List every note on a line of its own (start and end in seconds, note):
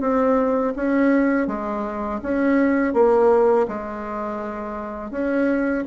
0.00 0.73 C4
0.76 1.47 C#4
1.47 2.20 G#3
2.22 2.93 C#4
2.93 3.67 A#3
3.68 5.11 G#3
5.11 5.84 C#4